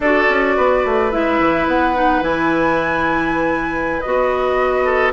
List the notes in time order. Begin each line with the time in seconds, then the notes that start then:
0.00 D4 F#4 A4 D5
0.29 C#4
0.56 B3 B4
0.85 A3
1.11 G#3 E4 E5
1.39 E3
1.66 B3 F#5
1.95 D#4
2.21 E3 E4 G#5
4.00 B3 F#4 D#5
4.84 A4